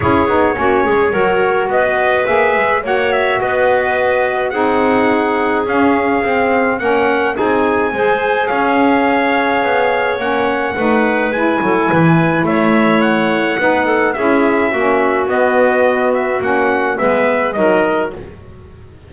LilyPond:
<<
  \new Staff \with { instrumentName = "trumpet" } { \time 4/4 \tempo 4 = 106 cis''2. dis''4 | e''4 fis''8 e''8 dis''2 | fis''2 f''2 | fis''4 gis''2 f''4~ |
f''2 fis''2 | gis''2 e''4 fis''4~ | fis''4 e''2 dis''4~ | dis''8 e''8 fis''4 e''4 dis''4 | }
  \new Staff \with { instrumentName = "clarinet" } { \time 4/4 gis'4 fis'8 gis'8 ais'4 b'4~ | b'4 cis''4 b'2 | gis'1 | ais'4 gis'4 c''4 cis''4~ |
cis''2. b'4~ | b'8 a'8 b'4 cis''2 | b'8 a'8 gis'4 fis'2~ | fis'2 b'4 ais'4 | }
  \new Staff \with { instrumentName = "saxophone" } { \time 4/4 e'8 dis'8 cis'4 fis'2 | gis'4 fis'2. | dis'2 cis'4 c'4 | cis'4 dis'4 gis'2~ |
gis'2 cis'4 dis'4 | e'1 | dis'4 e'4 cis'4 b4~ | b4 cis'4 b4 dis'4 | }
  \new Staff \with { instrumentName = "double bass" } { \time 4/4 cis'8 b8 ais8 gis8 fis4 b4 | ais8 gis8 ais4 b2 | c'2 cis'4 c'4 | ais4 c'4 gis4 cis'4~ |
cis'4 b4 ais4 a4 | gis8 fis8 e4 a2 | b4 cis'4 ais4 b4~ | b4 ais4 gis4 fis4 | }
>>